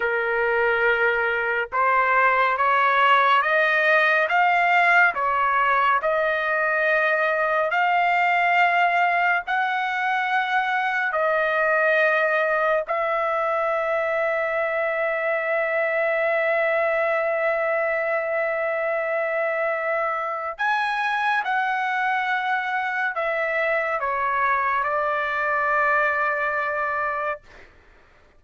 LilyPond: \new Staff \with { instrumentName = "trumpet" } { \time 4/4 \tempo 4 = 70 ais'2 c''4 cis''4 | dis''4 f''4 cis''4 dis''4~ | dis''4 f''2 fis''4~ | fis''4 dis''2 e''4~ |
e''1~ | e''1 | gis''4 fis''2 e''4 | cis''4 d''2. | }